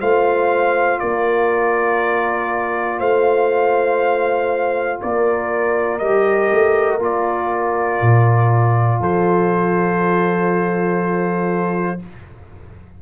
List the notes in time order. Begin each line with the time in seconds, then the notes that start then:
0.00 A3 F4 C5 F5
0.99 A#3 A#4 D5
2.98 A3 C5 F5
5.01 A#3 A#4 D5
5.98 G3 G4 D#5
6.51 A3
6.98 A#3 F4 D5
8.01 A#2
9.00 F3 A4 C5